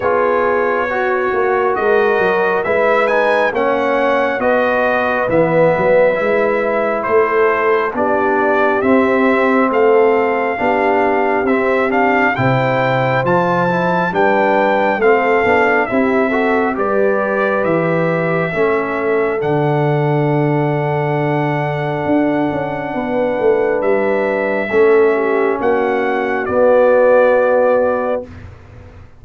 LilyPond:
<<
  \new Staff \with { instrumentName = "trumpet" } { \time 4/4 \tempo 4 = 68 cis''2 dis''4 e''8 gis''8 | fis''4 dis''4 e''2 | c''4 d''4 e''4 f''4~ | f''4 e''8 f''8 g''4 a''4 |
g''4 f''4 e''4 d''4 | e''2 fis''2~ | fis''2. e''4~ | e''4 fis''4 d''2 | }
  \new Staff \with { instrumentName = "horn" } { \time 4/4 gis'4 fis'4 ais'4 b'4 | cis''4 b'2. | a'4 g'2 a'4 | g'2 c''2 |
b'4 a'4 g'8 a'8 b'4~ | b'4 a'2.~ | a'2 b'2 | a'8 g'8 fis'2. | }
  \new Staff \with { instrumentName = "trombone" } { \time 4/4 f'4 fis'2 e'8 dis'8 | cis'4 fis'4 b4 e'4~ | e'4 d'4 c'2 | d'4 c'8 d'8 e'4 f'8 e'8 |
d'4 c'8 d'8 e'8 fis'8 g'4~ | g'4 cis'4 d'2~ | d'1 | cis'2 b2 | }
  \new Staff \with { instrumentName = "tuba" } { \time 4/4 b4. ais8 gis8 fis8 gis4 | ais4 b4 e8 fis8 gis4 | a4 b4 c'4 a4 | b4 c'4 c4 f4 |
g4 a8 b8 c'4 g4 | e4 a4 d2~ | d4 d'8 cis'8 b8 a8 g4 | a4 ais4 b2 | }
>>